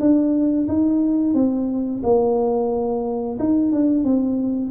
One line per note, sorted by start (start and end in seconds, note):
0.00 0.67 D4
0.68 1.34 D#4
1.34 2.02 C4
2.03 3.38 A#3
3.40 3.72 D#4
3.72 4.04 D4
4.04 4.71 C4